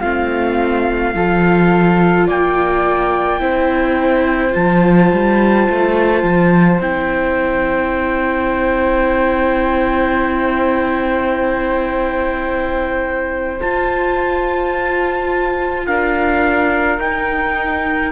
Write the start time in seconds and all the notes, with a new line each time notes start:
0.00 A3 C4 F4 F5
1.14 F3 F4 A4
2.27 A#3 D5 G5
3.40 C4 E4 C5
4.51 F3 F4 A5
5.12 G3
5.70 A3
6.23 F3
6.80 C4 E4 G5
13.61 F4 A5
15.87 D4 A#4 F5
16.98 D#4 G5